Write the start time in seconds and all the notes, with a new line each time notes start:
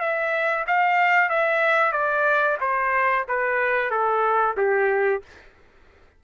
0.00 E5
0.67 F5
1.30 E5
1.92 D5
2.61 C5
3.28 B4
3.90 A4
4.57 G4